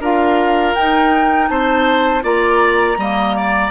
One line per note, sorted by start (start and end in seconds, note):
0.00 0.74 D4
0.00 0.77 F4
0.00 1.49 A#4
0.00 0.75 F5
0.75 2.22 D#4
0.75 1.50 D#4
0.75 1.49 G5
1.49 2.24 C4
1.49 2.24 C5
1.49 2.23 A5
2.22 2.98 A#3
2.22 2.96 F4
2.22 2.98 D5
2.22 3.71 A#5
2.98 3.71 G3
2.98 3.71 A#3
2.98 3.37 D#5
3.37 3.71 D5